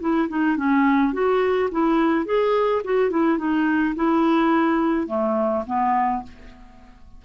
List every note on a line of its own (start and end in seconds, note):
0.00 0.28 E4
0.29 0.57 D#4
0.57 1.13 C#4
1.13 1.69 F#4
1.71 2.25 E4
2.25 2.82 G#4
2.84 3.10 F#4
3.10 3.38 E4
3.38 3.94 D#4
3.95 5.07 E4
5.07 5.63 A3
5.67 6.23 B3